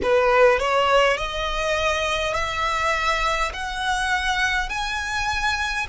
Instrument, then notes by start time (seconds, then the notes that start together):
violin
0.02 B4
0.59 C#5
1.17 D#5
2.34 E5
3.53 F#5
4.68 G#5